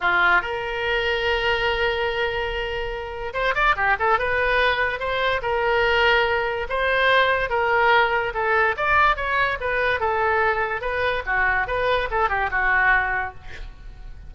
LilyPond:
\new Staff \with { instrumentName = "oboe" } { \time 4/4 \tempo 4 = 144 f'4 ais'2.~ | ais'1 | c''8 d''8 g'8 a'8 b'2 | c''4 ais'2. |
c''2 ais'2 | a'4 d''4 cis''4 b'4 | a'2 b'4 fis'4 | b'4 a'8 g'8 fis'2 | }